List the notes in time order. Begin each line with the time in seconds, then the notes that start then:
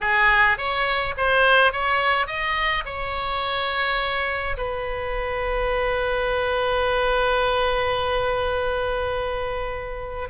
0.00 G#4
0.57 C#5
1.17 C5
1.72 C#5
2.26 D#5
2.85 C#5
4.57 B4